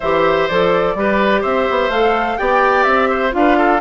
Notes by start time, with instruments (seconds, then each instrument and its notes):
0.00 bassoon E3, clarinet G4, oboe C5, flute E5
0.48 bassoon F3, clarinet A4, flute D5
0.95 bassoon G3, clarinet G4, oboe B4
1.41 bassoon C4, oboe C5, flute E5
1.70 bassoon B3
1.89 bassoon A3, clarinet A4, flute F5
2.37 bassoon B3, clarinet G4, oboe D5, flute G5
2.83 bassoon C4, flute E5
3.09 oboe C5
3.31 bassoon D4, clarinet F4, flute F5
3.37 oboe B4
3.57 oboe A4